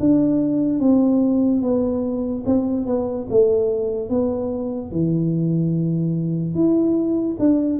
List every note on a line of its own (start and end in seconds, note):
0.00 0.80 D4
0.80 1.62 C4
1.62 2.44 B3
2.46 2.87 C4
2.87 3.28 B3
3.30 4.10 A3
4.10 4.92 B3
4.92 6.55 E3
6.55 7.37 E4
7.39 7.80 D4